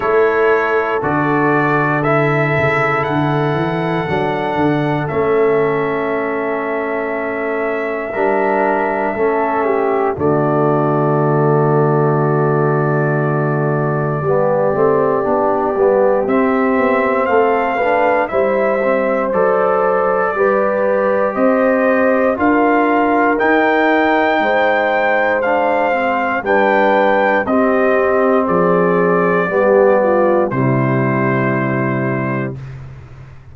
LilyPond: <<
  \new Staff \with { instrumentName = "trumpet" } { \time 4/4 \tempo 4 = 59 cis''4 d''4 e''4 fis''4~ | fis''4 e''2.~ | e''2 d''2~ | d''1 |
e''4 f''4 e''4 d''4~ | d''4 dis''4 f''4 g''4~ | g''4 f''4 g''4 dis''4 | d''2 c''2 | }
  \new Staff \with { instrumentName = "horn" } { \time 4/4 a'1~ | a'1 | ais'4 a'8 g'8 fis'2~ | fis'2 g'2~ |
g'4 a'8 b'8 c''2 | b'4 c''4 ais'2 | c''2 b'4 g'4 | gis'4 g'8 f'8 e'2 | }
  \new Staff \with { instrumentName = "trombone" } { \time 4/4 e'4 fis'4 e'2 | d'4 cis'2. | d'4 cis'4 a2~ | a2 b8 c'8 d'8 b8 |
c'4. d'8 e'8 c'8 a'4 | g'2 f'4 dis'4~ | dis'4 d'8 c'8 d'4 c'4~ | c'4 b4 g2 | }
  \new Staff \with { instrumentName = "tuba" } { \time 4/4 a4 d4. cis8 d8 e8 | fis8 d8 a2. | g4 a4 d2~ | d2 g8 a8 b8 g8 |
c'8 b8 a4 g4 fis4 | g4 c'4 d'4 dis'4 | gis2 g4 c'4 | f4 g4 c2 | }
>>